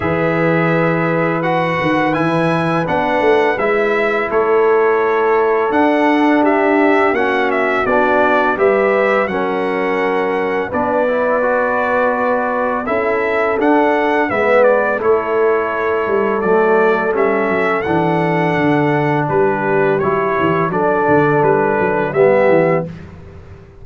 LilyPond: <<
  \new Staff \with { instrumentName = "trumpet" } { \time 4/4 \tempo 4 = 84 e''2 fis''4 gis''4 | fis''4 e''4 cis''2 | fis''4 e''4 fis''8 e''8 d''4 | e''4 fis''2 d''4~ |
d''2 e''4 fis''4 | e''8 d''8 cis''2 d''4 | e''4 fis''2 b'4 | cis''4 d''4 b'4 e''4 | }
  \new Staff \with { instrumentName = "horn" } { \time 4/4 b'1~ | b'2 a'2~ | a'4 g'4 fis'2 | b'4 ais'2 b'4~ |
b'2 a'2 | b'4 a'2.~ | a'2. g'4~ | g'4 a'2 g'4 | }
  \new Staff \with { instrumentName = "trombone" } { \time 4/4 gis'2 fis'4 e'4 | d'4 e'2. | d'2 cis'4 d'4 | g'4 cis'2 d'8 e'8 |
fis'2 e'4 d'4 | b4 e'2 a4 | cis'4 d'2. | e'4 d'2 b4 | }
  \new Staff \with { instrumentName = "tuba" } { \time 4/4 e2~ e8 dis8 e4 | b8 a8 gis4 a2 | d'2 ais4 b4 | g4 fis2 b4~ |
b2 cis'4 d'4 | gis4 a4. g8 fis4 | g8 fis8 e4 d4 g4 | fis8 e8 fis8 d8 g8 fis8 g8 e8 | }
>>